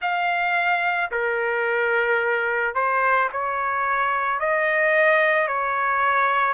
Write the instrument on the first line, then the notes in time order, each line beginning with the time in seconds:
trumpet
0.01 F5
1.11 A#4
2.74 C5
3.32 C#5
4.39 D#5
5.47 C#5